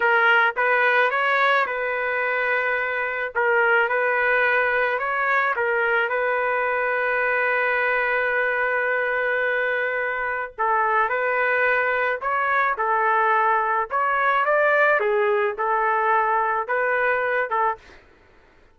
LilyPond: \new Staff \with { instrumentName = "trumpet" } { \time 4/4 \tempo 4 = 108 ais'4 b'4 cis''4 b'4~ | b'2 ais'4 b'4~ | b'4 cis''4 ais'4 b'4~ | b'1~ |
b'2. a'4 | b'2 cis''4 a'4~ | a'4 cis''4 d''4 gis'4 | a'2 b'4. a'8 | }